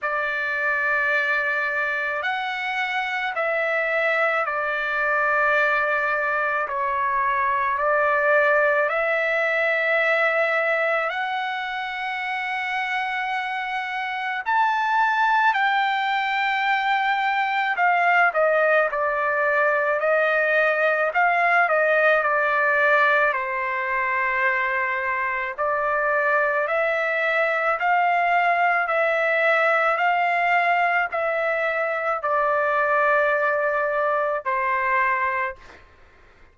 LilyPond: \new Staff \with { instrumentName = "trumpet" } { \time 4/4 \tempo 4 = 54 d''2 fis''4 e''4 | d''2 cis''4 d''4 | e''2 fis''2~ | fis''4 a''4 g''2 |
f''8 dis''8 d''4 dis''4 f''8 dis''8 | d''4 c''2 d''4 | e''4 f''4 e''4 f''4 | e''4 d''2 c''4 | }